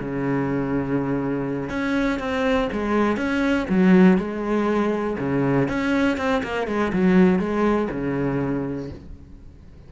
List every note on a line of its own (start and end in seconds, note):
0.00 1.70 C#3
1.70 2.19 C#4
2.20 2.69 C4
2.73 3.17 G#3
3.17 3.67 C#4
3.69 4.18 F#3
4.18 5.17 G#3
5.19 5.69 C#3
5.69 6.18 C#4
6.18 6.42 C4
6.43 6.68 A#3
6.68 6.92 G#3
6.93 7.39 F#3
7.39 7.89 G#3
7.91 8.90 C#3